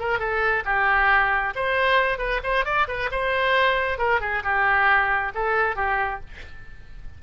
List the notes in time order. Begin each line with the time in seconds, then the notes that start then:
0.00 A#4
0.19 A4
0.65 G4
1.56 C5
2.19 B4
2.44 C5
2.65 D5
2.88 B4
3.12 C5
3.99 A#4
4.21 G#4
4.44 G4
5.35 A4
5.76 G4